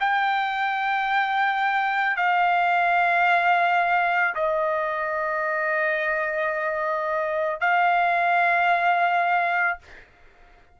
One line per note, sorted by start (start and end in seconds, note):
0.00 2.16 G5
2.16 4.34 F5
4.35 7.61 D#5
7.61 9.79 F5